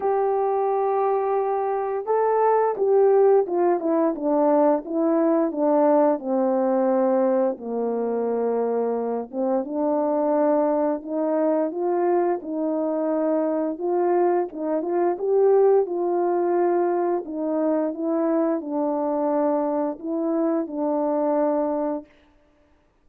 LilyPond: \new Staff \with { instrumentName = "horn" } { \time 4/4 \tempo 4 = 87 g'2. a'4 | g'4 f'8 e'8 d'4 e'4 | d'4 c'2 ais4~ | ais4. c'8 d'2 |
dis'4 f'4 dis'2 | f'4 dis'8 f'8 g'4 f'4~ | f'4 dis'4 e'4 d'4~ | d'4 e'4 d'2 | }